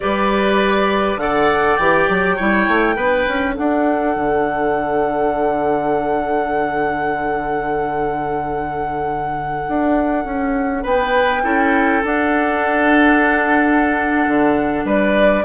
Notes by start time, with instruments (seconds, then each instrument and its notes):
0.00 bassoon G3, clarinet G4, oboe B4, flute D5
1.16 bassoon D3, clarinet A4, oboe D5, flute F#5
1.76 bassoon E3, clarinet G4, flute G5
2.08 bassoon F#3
2.36 bassoon G3, clarinet E4, oboe C#5
2.67 bassoon A3
2.95 bassoon B3, clarinet D4, oboe B4
3.27 bassoon C#4
3.55 bassoon D4, oboe A4, flute F#5
4.15 bassoon D3
9.68 bassoon D4
10.24 bassoon C#4
10.83 bassoon B3, oboe B4, flute G5
11.42 bassoon C#4, clarinet E4, oboe A4
12.04 bassoon D4, clarinet D4, flute F#5
14.27 bassoon D3
14.84 bassoon G3, oboe B4, flute D5